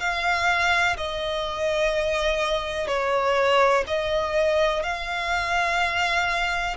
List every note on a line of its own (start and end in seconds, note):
0.00 0.97 F5
0.97 2.88 D#5
2.88 3.84 C#5
3.87 4.83 D#5
4.83 6.77 F5